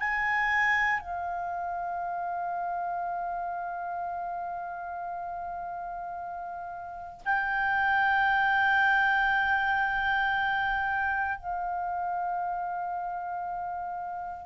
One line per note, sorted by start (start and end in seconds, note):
0.00 1.00 G#5
1.00 7.21 F5
7.26 11.38 G5
11.38 14.46 F5